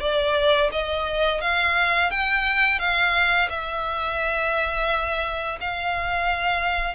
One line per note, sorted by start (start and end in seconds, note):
0.00 0.70 D5
0.72 1.41 D#5
1.41 2.11 F5
2.11 2.79 G5
2.79 3.49 F5
3.49 5.58 E5
5.60 6.95 F5